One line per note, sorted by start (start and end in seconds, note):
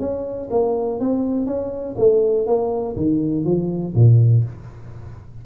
0.00 0.49 C#4
0.51 1.00 A#3
1.00 1.46 C4
1.46 1.95 C#4
1.98 2.47 A3
2.47 2.96 A#3
2.96 3.45 D#3
3.45 3.94 F3
3.95 4.44 A#2